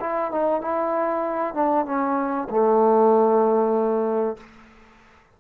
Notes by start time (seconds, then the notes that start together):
0.00 E4
0.32 D#4
0.61 E4
1.55 D4
1.86 C#4
2.50 A3